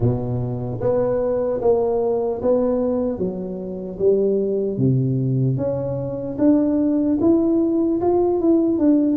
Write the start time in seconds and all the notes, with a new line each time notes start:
0.00 B2
0.80 B3
1.61 A#3
2.42 B3
3.18 F#3
3.99 G3
4.77 C3
5.57 C#4
6.38 D4
7.20 E4
8.01 F4
8.40 E4
8.78 D4